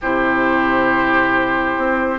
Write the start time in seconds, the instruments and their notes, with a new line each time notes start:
0.01 bassoon C3, clarinet E4, oboe G4, flute C5
1.77 bassoon C4